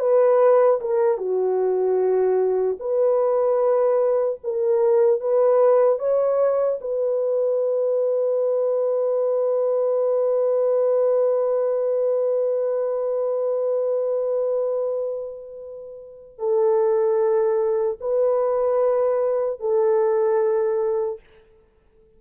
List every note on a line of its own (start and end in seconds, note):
0.00 0.80 B4
0.81 1.18 A#4
1.18 2.78 F#4
2.80 4.40 B4
4.44 5.21 A#4
5.21 5.99 B4
5.99 6.79 C#5
6.81 16.39 B4
16.39 17.99 A4
18.01 19.60 B4
19.60 21.20 A4